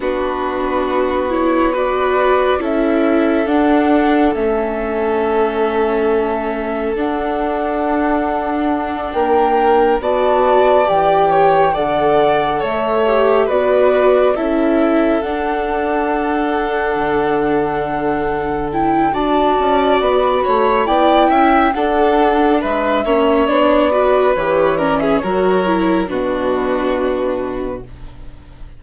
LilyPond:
<<
  \new Staff \with { instrumentName = "flute" } { \time 4/4 \tempo 4 = 69 b'4. cis''8 d''4 e''4 | fis''4 e''2. | fis''2~ fis''8 g''4 a''8~ | a''8 g''4 fis''4 e''4 d''8~ |
d''8 e''4 fis''2~ fis''8~ | fis''4. g''8 a''4 b''4 | g''4 fis''4 e''4 d''4 | cis''8 d''16 e''16 cis''4 b'2 | }
  \new Staff \with { instrumentName = "violin" } { \time 4/4 fis'2 b'4 a'4~ | a'1~ | a'2~ a'8 ais'4 d''8~ | d''4 cis''8 d''4 cis''4 b'8~ |
b'8 a'2.~ a'8~ | a'2 d''4. cis''8 | d''8 e''8 a'4 b'8 cis''4 b'8~ | b'8 ais'16 gis'16 ais'4 fis'2 | }
  \new Staff \with { instrumentName = "viola" } { \time 4/4 d'4. e'8 fis'4 e'4 | d'4 cis'2. | d'2.~ d'8 fis'8~ | fis'8 g'4 a'4. g'8 fis'8~ |
fis'8 e'4 d'2~ d'8~ | d'4. e'8 fis'2 | e'4 d'4. cis'8 d'8 fis'8 | g'8 cis'8 fis'8 e'8 d'2 | }
  \new Staff \with { instrumentName = "bassoon" } { \time 4/4 b2. cis'4 | d'4 a2. | d'2~ d'8 ais4 b8~ | b8 e4 d4 a4 b8~ |
b8 cis'4 d'2 d8~ | d2 d'8 cis'8 b8 a8 | b8 cis'8 d'4 gis8 ais8 b4 | e4 fis4 b,2 | }
>>